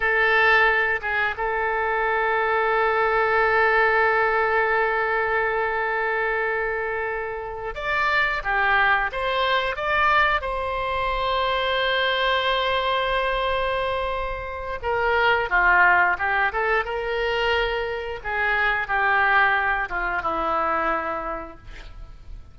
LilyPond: \new Staff \with { instrumentName = "oboe" } { \time 4/4 \tempo 4 = 89 a'4. gis'8 a'2~ | a'1~ | a'2.~ a'8 d''8~ | d''8 g'4 c''4 d''4 c''8~ |
c''1~ | c''2 ais'4 f'4 | g'8 a'8 ais'2 gis'4 | g'4. f'8 e'2 | }